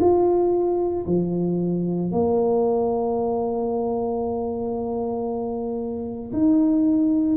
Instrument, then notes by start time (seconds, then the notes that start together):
tuba
0.00 F4
1.06 F3
2.11 A#3
6.33 D#4